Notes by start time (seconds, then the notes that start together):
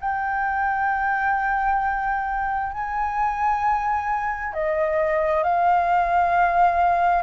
0.00 G5
2.72 G#5
4.53 D#5
5.43 F5